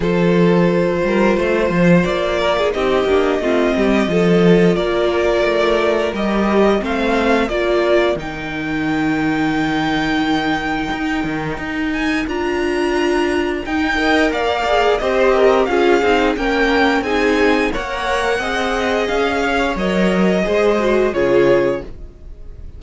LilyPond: <<
  \new Staff \with { instrumentName = "violin" } { \time 4/4 \tempo 4 = 88 c''2. d''4 | dis''2. d''4~ | d''4 dis''4 f''4 d''4 | g''1~ |
g''4. gis''8 ais''2 | g''4 f''4 dis''4 f''4 | g''4 gis''4 fis''2 | f''4 dis''2 cis''4 | }
  \new Staff \with { instrumentName = "violin" } { \time 4/4 a'4. ais'8 c''4. ais'16 gis'16 | g'4 f'8 g'8 a'4 ais'4~ | ais'2 c''4 ais'4~ | ais'1~ |
ais'1~ | ais'8 dis''8 d''4 c''8 ais'8 gis'4 | ais'4 gis'4 cis''4 dis''4~ | dis''8 cis''4. c''4 gis'4 | }
  \new Staff \with { instrumentName = "viola" } { \time 4/4 f'1 | dis'8 d'8 c'4 f'2~ | f'4 g'4 c'4 f'4 | dis'1~ |
dis'2 f'2 | dis'8 ais'4 gis'8 g'4 f'8 dis'8 | cis'4 dis'4 ais'4 gis'4~ | gis'4 ais'4 gis'8 fis'8 f'4 | }
  \new Staff \with { instrumentName = "cello" } { \time 4/4 f4. g8 a8 f8 ais4 | c'8 ais8 a8 g8 f4 ais4 | a4 g4 a4 ais4 | dis1 |
dis'8 dis8 dis'4 d'2 | dis'4 ais4 c'4 cis'8 c'8 | ais4 c'4 ais4 c'4 | cis'4 fis4 gis4 cis4 | }
>>